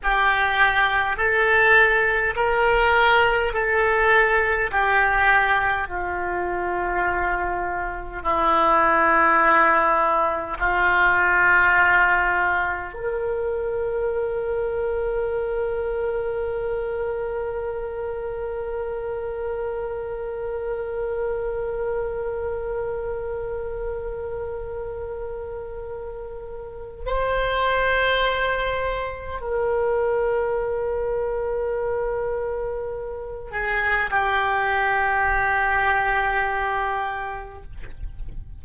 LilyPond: \new Staff \with { instrumentName = "oboe" } { \time 4/4 \tempo 4 = 51 g'4 a'4 ais'4 a'4 | g'4 f'2 e'4~ | e'4 f'2 ais'4~ | ais'1~ |
ais'1~ | ais'2. c''4~ | c''4 ais'2.~ | ais'8 gis'8 g'2. | }